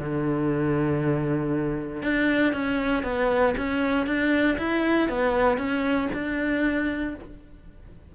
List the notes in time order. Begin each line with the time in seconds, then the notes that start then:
0.00 D3
2.03 D4
2.53 C#4
3.04 B3
3.58 C#4
4.07 D4
4.58 E4
5.09 B3
5.58 C#4
6.14 D4